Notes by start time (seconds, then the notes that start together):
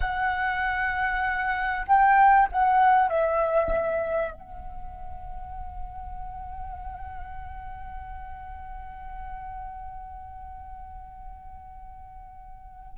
0.00 F#5
1.86 G5
2.52 F#5
3.09 E5
4.32 F#5